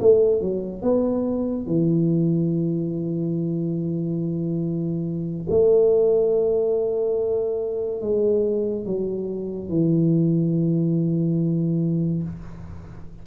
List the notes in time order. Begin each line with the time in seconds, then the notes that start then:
0.00 A3
0.41 F#3
0.83 B3
1.67 E3
5.50 A3
8.01 G#3
8.86 F#3
9.70 E3